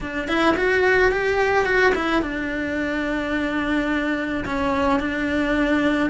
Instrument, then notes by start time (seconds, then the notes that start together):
cello
0.00 D4
0.28 E4
0.56 F#4
1.11 G4
1.65 F#4
1.94 E4
2.22 D4
4.45 C#4
4.99 D4